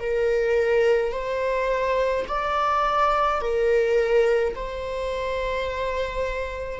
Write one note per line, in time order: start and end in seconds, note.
0.00 1.12 A#4
1.12 2.25 C5
2.27 3.41 D5
3.41 4.54 A#4
4.55 6.80 C5